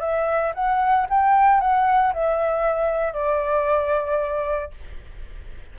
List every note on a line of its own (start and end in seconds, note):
0.00 0.53 E5
0.55 1.07 F#5
1.10 1.61 G5
1.61 2.13 F#5
2.14 3.13 E5
3.13 4.71 D5